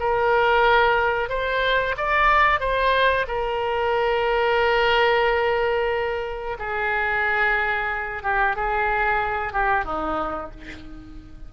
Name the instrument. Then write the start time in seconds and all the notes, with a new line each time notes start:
oboe
0.00 A#4
1.29 C5
1.97 D5
2.60 C5
3.28 A#4
6.59 G#4
8.23 G4
8.56 G#4
9.53 G4
9.85 D#4